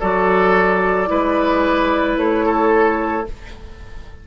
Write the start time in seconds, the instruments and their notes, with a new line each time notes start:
0.00 bassoon F#3, clarinet F#4, oboe A4, flute D5
1.07 bassoon G#3, clarinet E4, oboe B4
2.17 bassoon A3, flute C#5
2.46 oboe A4